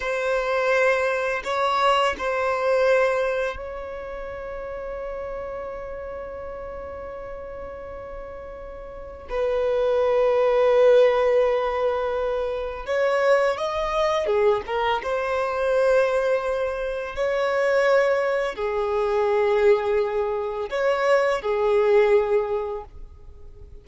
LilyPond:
\new Staff \with { instrumentName = "violin" } { \time 4/4 \tempo 4 = 84 c''2 cis''4 c''4~ | c''4 cis''2.~ | cis''1~ | cis''4 b'2.~ |
b'2 cis''4 dis''4 | gis'8 ais'8 c''2. | cis''2 gis'2~ | gis'4 cis''4 gis'2 | }